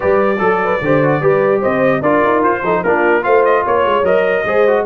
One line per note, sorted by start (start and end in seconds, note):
0.00 0.39 G3
0.00 0.36 G4
0.00 0.40 B4
0.00 1.62 D5
0.38 0.80 F#3
0.38 0.79 A4
0.38 0.62 A4
0.64 0.84 B4
0.81 1.21 D3
0.81 1.03 G4
0.81 1.21 C5
1.03 1.21 F#4
1.21 1.62 G3
1.21 2.02 G4
1.21 1.60 B4
1.60 2.01 C4
1.60 2.00 C5
1.60 2.02 D#5
2.01 2.21 D4
2.01 2.64 F4
2.01 2.62 A#4
2.01 2.42 D5
2.24 2.43 D#4
2.43 2.62 F4
2.43 2.83 C5
2.62 2.83 F3
2.62 2.84 D#4
2.62 2.83 A4
2.83 3.24 A#3
2.83 3.22 D4
2.83 3.24 F4
2.83 3.23 A#4
3.22 3.65 A3
3.22 4.03 F4
3.22 3.63 C5
3.22 3.43 F5
3.45 3.65 D#5
3.63 3.85 A#3
3.63 4.44 C#5
3.63 4.05 C#5
3.85 4.02 G#3
4.02 4.43 F#3
4.02 4.45 A#4
4.02 4.85 D#5
4.44 4.84 G#3
4.44 4.67 G#4
4.44 4.85 C5
4.67 4.85 F#4